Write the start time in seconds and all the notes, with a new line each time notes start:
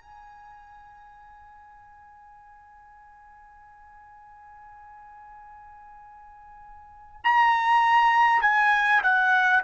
0.00 G#5
7.24 A#5
8.42 G#5
9.03 F#5